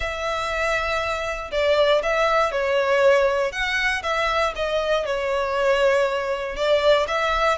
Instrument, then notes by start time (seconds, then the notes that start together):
violin
0.00 E5
1.51 D5
2.03 E5
2.51 C#5
3.52 F#5
4.02 E5
4.55 D#5
5.05 C#5
6.55 D5
7.07 E5